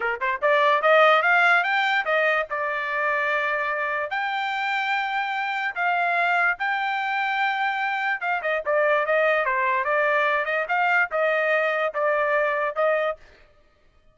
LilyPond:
\new Staff \with { instrumentName = "trumpet" } { \time 4/4 \tempo 4 = 146 ais'8 c''8 d''4 dis''4 f''4 | g''4 dis''4 d''2~ | d''2 g''2~ | g''2 f''2 |
g''1 | f''8 dis''8 d''4 dis''4 c''4 | d''4. dis''8 f''4 dis''4~ | dis''4 d''2 dis''4 | }